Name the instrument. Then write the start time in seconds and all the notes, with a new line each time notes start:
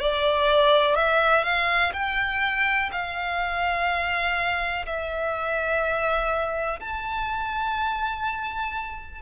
violin
0.00 D5
0.95 E5
1.44 F5
1.94 G5
2.92 F5
4.87 E5
6.80 A5